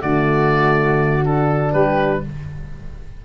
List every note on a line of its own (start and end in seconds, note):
0.00 1.74 D3
0.00 1.23 A3
0.00 1.73 F#4
0.00 1.24 D5
1.25 2.25 D4
1.25 1.73 A4
1.73 2.23 G3
1.73 2.22 G4
1.73 2.22 B4